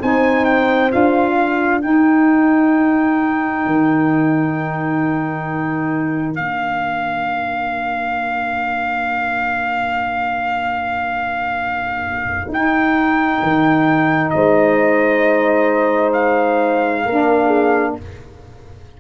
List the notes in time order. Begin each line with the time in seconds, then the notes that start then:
0.00 C4 D#4 C5 G#5
0.45 G5
0.90 D4 F4 F5
1.36 A#4
1.82 D#4 G5
3.66 D#3
6.36 A#3 D4 F5
12.48 D#4 G5
13.43 D#3
14.31 G#3 C5 D#5
16.13 F5
17.05 A#3 D4 A#4
17.47 G#4